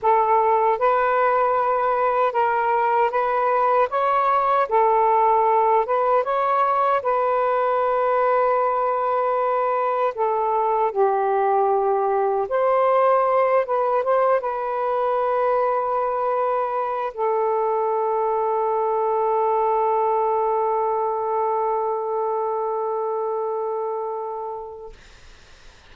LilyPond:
\new Staff \with { instrumentName = "saxophone" } { \time 4/4 \tempo 4 = 77 a'4 b'2 ais'4 | b'4 cis''4 a'4. b'8 | cis''4 b'2.~ | b'4 a'4 g'2 |
c''4. b'8 c''8 b'4.~ | b'2 a'2~ | a'1~ | a'1 | }